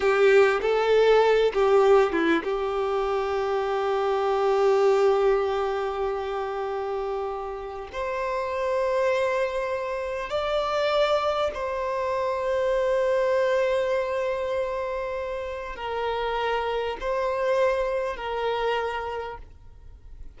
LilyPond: \new Staff \with { instrumentName = "violin" } { \time 4/4 \tempo 4 = 99 g'4 a'4. g'4 e'8 | g'1~ | g'1~ | g'4 c''2.~ |
c''4 d''2 c''4~ | c''1~ | c''2 ais'2 | c''2 ais'2 | }